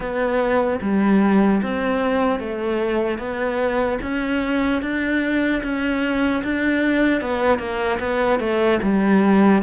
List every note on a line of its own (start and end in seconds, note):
0.00 0.79 B3
0.81 1.61 G3
1.62 2.39 C4
2.39 3.18 A3
3.18 3.98 B3
4.01 4.81 C#4
4.82 5.62 D4
5.62 6.42 C#4
6.43 7.21 D4
7.21 7.59 B3
7.59 7.99 A#3
7.99 8.39 B3
8.39 8.79 A3
8.82 9.62 G3